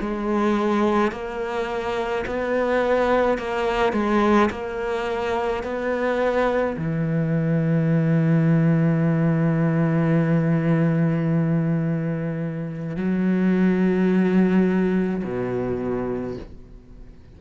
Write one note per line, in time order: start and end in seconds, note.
0.00 1.12 G#3
1.12 2.25 A#3
2.26 3.38 B3
3.38 3.93 A#3
3.93 4.49 G#3
4.50 5.63 A#3
5.63 6.76 B3
6.77 12.96 E3
12.96 15.23 F#3
15.24 16.37 B2